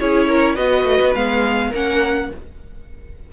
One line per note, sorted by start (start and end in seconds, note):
0.00 0.58 C#4
0.00 0.57 E4
0.00 0.28 G#4
0.00 0.56 C#5
0.28 0.56 A#4
0.56 0.84 B3
0.56 1.15 F#4
0.56 1.69 B4
0.56 1.13 D#5
0.84 0.99 A3
1.01 1.15 B3
1.15 1.73 G#3
1.15 1.74 B3
1.15 1.73 F5
1.69 2.31 A#3
1.69 2.32 C#4
1.69 2.27 A#4
1.75 2.33 F#5